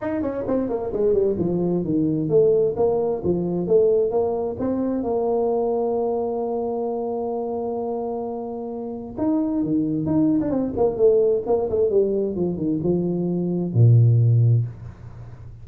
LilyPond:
\new Staff \with { instrumentName = "tuba" } { \time 4/4 \tempo 4 = 131 dis'8 cis'8 c'8 ais8 gis8 g8 f4 | dis4 a4 ais4 f4 | a4 ais4 c'4 ais4~ | ais1~ |
ais1 | dis'4 dis4 dis'8. d'16 c'8 ais8 | a4 ais8 a8 g4 f8 dis8 | f2 ais,2 | }